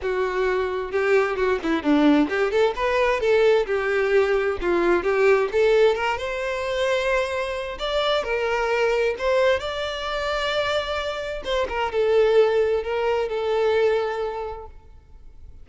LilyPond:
\new Staff \with { instrumentName = "violin" } { \time 4/4 \tempo 4 = 131 fis'2 g'4 fis'8 e'8 | d'4 g'8 a'8 b'4 a'4 | g'2 f'4 g'4 | a'4 ais'8 c''2~ c''8~ |
c''4 d''4 ais'2 | c''4 d''2.~ | d''4 c''8 ais'8 a'2 | ais'4 a'2. | }